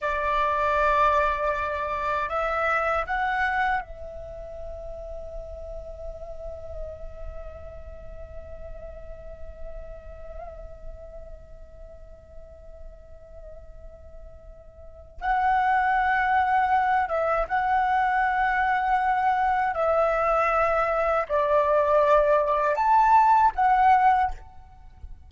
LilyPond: \new Staff \with { instrumentName = "flute" } { \time 4/4 \tempo 4 = 79 d''2. e''4 | fis''4 e''2.~ | e''1~ | e''1~ |
e''1 | fis''2~ fis''8 e''8 fis''4~ | fis''2 e''2 | d''2 a''4 fis''4 | }